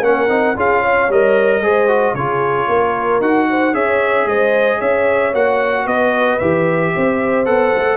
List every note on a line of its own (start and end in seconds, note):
0.00 0.27 A#3
0.00 0.29 C#4
0.00 0.56 A#4
0.00 0.57 F#5
0.29 0.55 C4
0.29 0.55 D#4
0.56 1.09 C#4
0.56 1.09 F4
0.56 0.81 G#4
0.56 1.12 F5
0.81 1.61 C#5
1.09 1.61 G3
1.09 1.63 A#4
1.09 2.15 D#5
1.61 2.14 G#3
1.61 1.88 G#4
1.61 2.15 C5
1.88 2.15 F#4
2.14 2.67 C#3
2.14 3.23 F4
2.14 2.68 G#4
2.14 3.21 C#5
2.68 3.21 A#3
2.68 3.48 A#4
3.21 3.74 D#4
3.21 3.74 F#4
3.21 3.75 F#5
3.50 3.74 C5
3.74 4.26 C#4
3.74 5.33 G#4
3.74 4.27 C#5
3.74 4.28 E5
4.26 4.79 G#3
4.26 4.79 C5
4.26 4.81 D#5
4.79 5.34 C#4
4.79 5.85 C#5
4.79 5.34 E5
5.34 5.86 A#3
5.34 6.40 F#4
5.34 5.87 F#5
5.86 6.39 B3
5.86 6.92 B4
5.86 6.39 D#5
6.39 6.94 E3
6.39 7.45 G4
6.39 7.45 E5
6.95 7.47 C4
6.95 7.97 C5
7.45 7.74 B3
7.45 7.97 A4
7.45 7.97 F#5
7.76 7.97 A3